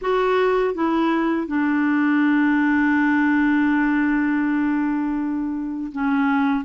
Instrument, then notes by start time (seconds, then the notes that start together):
clarinet
0.01 F#4
0.74 E4
1.47 D4
5.92 C#4